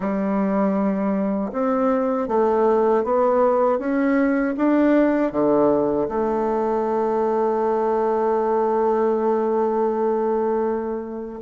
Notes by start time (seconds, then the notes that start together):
0.00 G3
1.52 C4
2.28 A3
3.04 B3
3.78 C#4
4.57 D4
5.32 D3
6.08 A3